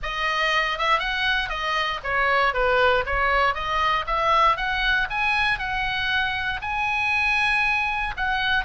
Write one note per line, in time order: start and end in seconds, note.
0.02 0.78 D#5
0.78 0.99 E5
0.99 1.49 F#5
1.49 1.99 D#5
2.03 2.53 C#5
2.53 3.04 B4
3.06 3.54 C#5
3.54 4.05 D#5
4.07 4.56 E5
4.56 5.07 F#5
5.09 5.58 G#5
5.58 6.60 F#5
6.61 8.14 G#5
8.17 8.64 F#5